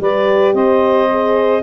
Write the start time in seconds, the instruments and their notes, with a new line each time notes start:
0.00 tuba G3, horn G4, saxophone B4, clarinet D5
0.54 tuba C4, saxophone C5, clarinet D#5
1.10 horn G#4